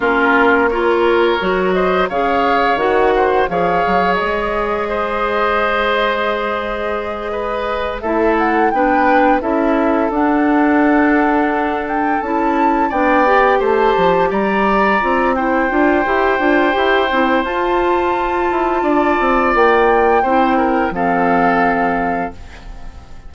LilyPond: <<
  \new Staff \with { instrumentName = "flute" } { \time 4/4 \tempo 4 = 86 ais'4 cis''4. dis''8 f''4 | fis''4 f''4 dis''2~ | dis''2.~ dis''8 e''8 | fis''8 g''4 e''4 fis''4.~ |
fis''4 g''8 a''4 g''4 a''8~ | a''8 ais''4. g''2~ | g''4 a''2. | g''2 f''2 | }
  \new Staff \with { instrumentName = "oboe" } { \time 4/4 f'4 ais'4. c''8 cis''4~ | cis''8 c''8 cis''2 c''4~ | c''2~ c''8 b'4 a'8~ | a'8 b'4 a'2~ a'8~ |
a'2~ a'8 d''4 c''8~ | c''8 d''4. c''2~ | c''2. d''4~ | d''4 c''8 ais'8 a'2 | }
  \new Staff \with { instrumentName = "clarinet" } { \time 4/4 cis'4 f'4 fis'4 gis'4 | fis'4 gis'2.~ | gis'2.~ gis'8 e'8~ | e'8 d'4 e'4 d'4.~ |
d'4. e'4 d'8 g'4~ | g'4. f'8 e'8 f'8 g'8 f'8 | g'8 e'8 f'2.~ | f'4 e'4 c'2 | }
  \new Staff \with { instrumentName = "bassoon" } { \time 4/4 ais2 fis4 cis4 | dis4 f8 fis8 gis2~ | gis2.~ gis8 a8~ | a8 b4 cis'4 d'4.~ |
d'4. cis'4 b4 a8 | f8 g4 c'4 d'8 e'8 d'8 | e'8 c'8 f'4. e'8 d'8 c'8 | ais4 c'4 f2 | }
>>